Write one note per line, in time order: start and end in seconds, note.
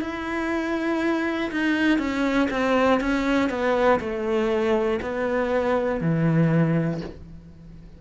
0.00 1.50 E4
1.51 1.98 D#4
1.98 2.48 C#4
2.50 3.00 C4
3.00 3.49 C#4
3.49 3.99 B3
4.00 5.00 A3
5.01 6.00 B3
6.00 7.00 E3